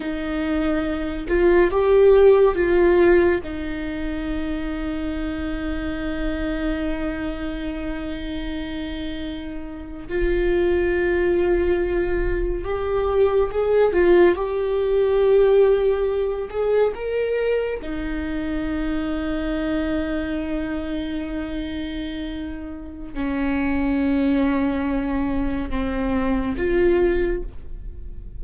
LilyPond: \new Staff \with { instrumentName = "viola" } { \time 4/4 \tempo 4 = 70 dis'4. f'8 g'4 f'4 | dis'1~ | dis'2.~ dis'8. f'16~ | f'2~ f'8. g'4 gis'16~ |
gis'16 f'8 g'2~ g'8 gis'8 ais'16~ | ais'8. dis'2.~ dis'16~ | dis'2. cis'4~ | cis'2 c'4 f'4 | }